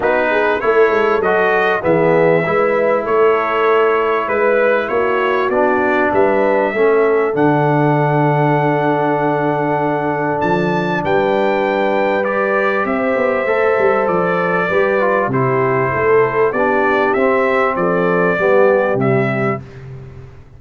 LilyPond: <<
  \new Staff \with { instrumentName = "trumpet" } { \time 4/4 \tempo 4 = 98 b'4 cis''4 dis''4 e''4~ | e''4 cis''2 b'4 | cis''4 d''4 e''2 | fis''1~ |
fis''4 a''4 g''2 | d''4 e''2 d''4~ | d''4 c''2 d''4 | e''4 d''2 e''4 | }
  \new Staff \with { instrumentName = "horn" } { \time 4/4 fis'8 gis'8 a'2 gis'4 | b'4 a'2 b'4 | fis'2 b'4 a'4~ | a'1~ |
a'2 b'2~ | b'4 c''2. | b'4 g'4 a'4 g'4~ | g'4 a'4 g'2 | }
  \new Staff \with { instrumentName = "trombone" } { \time 4/4 dis'4 e'4 fis'4 b4 | e'1~ | e'4 d'2 cis'4 | d'1~ |
d'1 | g'2 a'2 | g'8 f'8 e'2 d'4 | c'2 b4 g4 | }
  \new Staff \with { instrumentName = "tuba" } { \time 4/4 b4 a8 gis8 fis4 e4 | gis4 a2 gis4 | ais4 b4 g4 a4 | d1~ |
d4 f4 g2~ | g4 c'8 b8 a8 g8 f4 | g4 c4 a4 b4 | c'4 f4 g4 c4 | }
>>